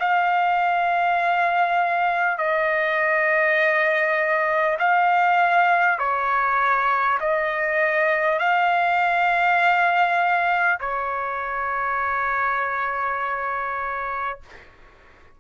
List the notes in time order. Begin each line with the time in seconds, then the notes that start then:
0.00 F5
2.38 D#5
4.79 F5
5.99 C#5
7.20 D#5
8.39 F5
10.80 C#5